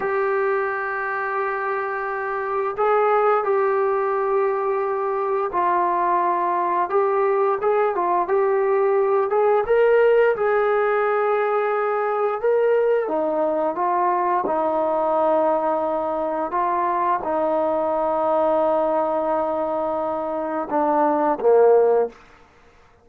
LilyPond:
\new Staff \with { instrumentName = "trombone" } { \time 4/4 \tempo 4 = 87 g'1 | gis'4 g'2. | f'2 g'4 gis'8 f'8 | g'4. gis'8 ais'4 gis'4~ |
gis'2 ais'4 dis'4 | f'4 dis'2. | f'4 dis'2.~ | dis'2 d'4 ais4 | }